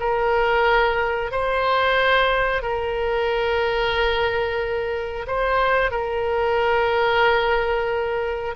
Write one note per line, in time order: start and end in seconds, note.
0.00 1.32 A#4
1.32 2.63 C5
2.63 5.26 A#4
5.27 5.91 C5
5.91 8.55 A#4